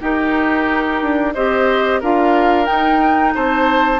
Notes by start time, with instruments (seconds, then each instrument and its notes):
0.00 clarinet D#4, bassoon D#4, oboe G4, flute A#4
1.02 bassoon D4
1.33 bassoon C4, clarinet G4, oboe C5, flute D#5
2.00 bassoon D4, clarinet F4, oboe A#4, flute F5
2.65 clarinet D#4, bassoon D#4, flute G5
3.35 bassoon C4, oboe C5, flute A5